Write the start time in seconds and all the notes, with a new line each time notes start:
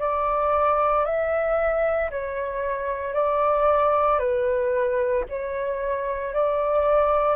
0.00 D5
1.05 E5
2.11 C#5
3.14 D5
4.19 B4
5.30 C#5
6.34 D5